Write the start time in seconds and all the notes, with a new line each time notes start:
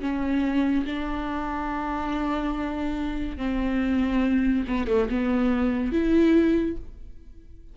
0.00 C#4
0.85 D4
3.37 C4
4.67 B3
4.87 A3
5.09 B3
5.92 E4